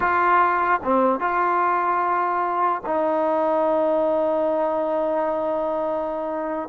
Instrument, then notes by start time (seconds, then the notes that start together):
trombone
0.00 F4
0.83 C4
1.20 F4
2.85 D#4